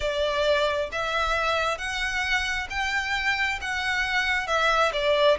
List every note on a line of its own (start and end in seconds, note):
0.00 0.90 D5
0.92 1.77 E5
1.77 2.67 F#5
2.69 3.59 G5
3.61 4.47 F#5
4.47 4.91 E5
4.93 5.37 D5